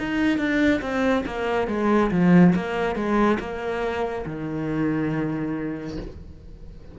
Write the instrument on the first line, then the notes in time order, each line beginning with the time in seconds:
cello
0.00 D#4
0.39 D4
0.82 C4
1.27 A#3
1.68 G#3
2.12 F3
2.56 A#3
2.96 G#3
3.40 A#3
4.26 D#3